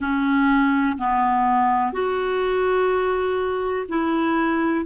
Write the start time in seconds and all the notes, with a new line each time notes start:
0.00 C#4
0.98 B3
1.93 F#4
3.88 E4